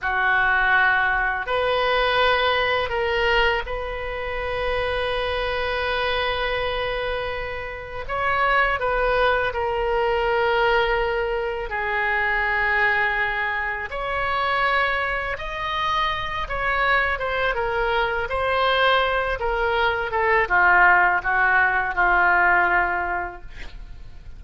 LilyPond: \new Staff \with { instrumentName = "oboe" } { \time 4/4 \tempo 4 = 82 fis'2 b'2 | ais'4 b'2.~ | b'2. cis''4 | b'4 ais'2. |
gis'2. cis''4~ | cis''4 dis''4. cis''4 c''8 | ais'4 c''4. ais'4 a'8 | f'4 fis'4 f'2 | }